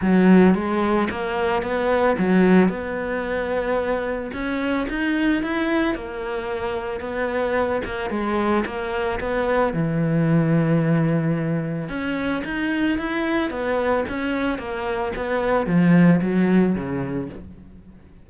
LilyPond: \new Staff \with { instrumentName = "cello" } { \time 4/4 \tempo 4 = 111 fis4 gis4 ais4 b4 | fis4 b2. | cis'4 dis'4 e'4 ais4~ | ais4 b4. ais8 gis4 |
ais4 b4 e2~ | e2 cis'4 dis'4 | e'4 b4 cis'4 ais4 | b4 f4 fis4 cis4 | }